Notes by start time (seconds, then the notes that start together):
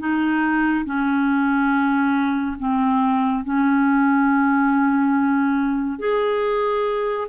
0.00 D#4
0.86 C#4
2.59 C4
3.45 C#4
6.00 G#4